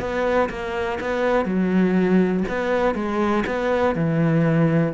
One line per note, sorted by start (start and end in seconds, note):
0.00 0.49 B3
0.50 0.99 A#3
1.00 1.45 B3
1.45 2.43 F#3
2.48 2.95 B3
2.95 3.44 G#3
3.46 3.95 B3
3.95 4.94 E3